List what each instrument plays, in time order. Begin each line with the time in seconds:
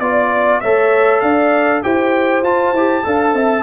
0.00 tuba B3, trombone F4, trumpet D5, horn D5
0.61 tuba A3, trombone A4, horn C#5, trumpet E5
1.21 tuba D4, horn D5, trumpet F5
1.83 tuba E4, trombone G4, horn C5, trumpet G5
2.43 tuba F4, trombone F4, trumpet A5
2.73 tuba E4, trombone G4
3.05 tuba D4, trombone A4, horn F5
3.34 tuba C4, horn E5